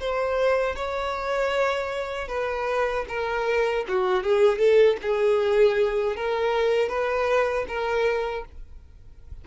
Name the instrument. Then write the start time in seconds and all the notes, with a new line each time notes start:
violin
0.00 C5
0.76 C#5
2.28 B4
3.09 A#4
3.88 F#4
4.23 G#4
4.59 A4
5.02 G#4
6.16 A#4
6.89 B4
7.68 A#4